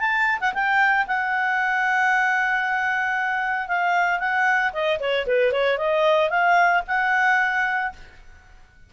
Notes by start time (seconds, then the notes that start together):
0.00 A5
0.40 F#5
0.54 G5
1.07 F#5
3.68 F5
4.20 F#5
4.73 D#5
5.00 C#5
5.27 B4
5.52 C#5
5.78 D#5
6.30 F5
6.88 F#5